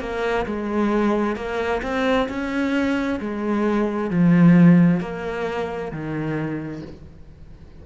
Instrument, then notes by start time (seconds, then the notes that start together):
cello
0.00 A#3
0.46 G#3
1.36 A#3
1.82 C4
2.29 C#4
3.20 G#3
4.10 F3
5.00 A#3
5.92 D#3